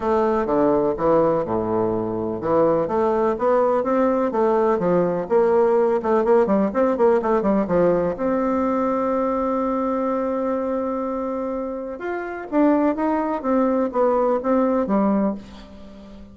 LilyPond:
\new Staff \with { instrumentName = "bassoon" } { \time 4/4 \tempo 4 = 125 a4 d4 e4 a,4~ | a,4 e4 a4 b4 | c'4 a4 f4 ais4~ | ais8 a8 ais8 g8 c'8 ais8 a8 g8 |
f4 c'2.~ | c'1~ | c'4 f'4 d'4 dis'4 | c'4 b4 c'4 g4 | }